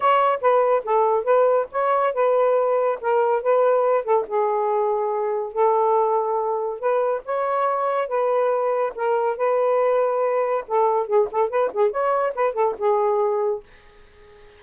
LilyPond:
\new Staff \with { instrumentName = "saxophone" } { \time 4/4 \tempo 4 = 141 cis''4 b'4 a'4 b'4 | cis''4 b'2 ais'4 | b'4. a'8 gis'2~ | gis'4 a'2. |
b'4 cis''2 b'4~ | b'4 ais'4 b'2~ | b'4 a'4 gis'8 a'8 b'8 gis'8 | cis''4 b'8 a'8 gis'2 | }